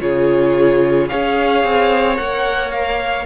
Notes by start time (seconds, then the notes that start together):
0.00 C#3 F4 G#4 C#5
1.08 C#4 G#4 C#5 F5
1.64 C4
2.15 A#3 A#4 F#5
2.71 F5